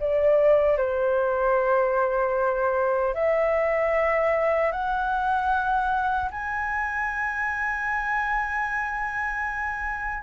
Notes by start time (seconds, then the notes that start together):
0.00 D5
0.78 C5
3.14 E5
4.72 F#5
6.31 G#5